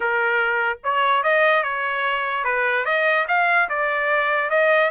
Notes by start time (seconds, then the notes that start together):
0.00 A#4
0.83 C#5
1.23 D#5
1.63 C#5
2.44 B4
2.85 D#5
3.27 F5
3.69 D5
4.49 D#5